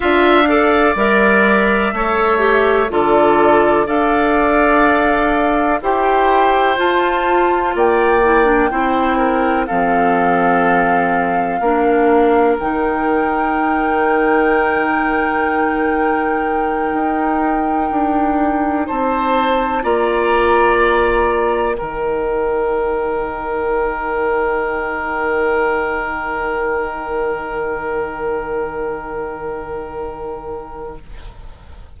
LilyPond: <<
  \new Staff \with { instrumentName = "flute" } { \time 4/4 \tempo 4 = 62 f''4 e''2 d''4 | f''2 g''4 a''4 | g''2 f''2~ | f''4 g''2.~ |
g''2.~ g''8 a''8~ | a''8 ais''2 g''4.~ | g''1~ | g''1 | }
  \new Staff \with { instrumentName = "oboe" } { \time 4/4 e''8 d''4. cis''4 a'4 | d''2 c''2 | d''4 c''8 ais'8 a'2 | ais'1~ |
ais'2.~ ais'8 c''8~ | c''8 d''2 ais'4.~ | ais'1~ | ais'1 | }
  \new Staff \with { instrumentName = "clarinet" } { \time 4/4 f'8 a'8 ais'4 a'8 g'8 f'4 | a'2 g'4 f'4~ | f'8 e'16 d'16 e'4 c'2 | d'4 dis'2.~ |
dis'1~ | dis'8 f'2 dis'4.~ | dis'1~ | dis'1 | }
  \new Staff \with { instrumentName = "bassoon" } { \time 4/4 d'4 g4 a4 d4 | d'2 e'4 f'4 | ais4 c'4 f2 | ais4 dis2.~ |
dis4. dis'4 d'4 c'8~ | c'8 ais2 dis4.~ | dis1~ | dis1 | }
>>